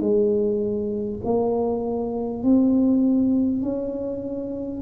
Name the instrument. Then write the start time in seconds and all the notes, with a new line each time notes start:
tuba
0.00 G#3
1.24 A#3
2.43 C4
3.62 C#4